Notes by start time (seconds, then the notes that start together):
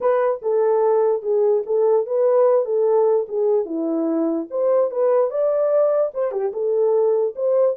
0.00 B4
0.42 A4
1.22 G#4
1.65 A4
2.06 B4
2.65 A4
3.28 G#4
3.65 E4
4.50 C5
4.90 B4
5.30 D5
6.14 C5
6.31 G4
6.52 A4
7.35 C5